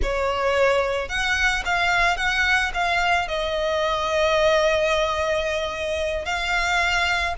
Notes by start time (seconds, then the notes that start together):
0.02 C#5
1.08 F#5
1.65 F5
2.17 F#5
2.74 F5
3.28 D#5
6.25 F5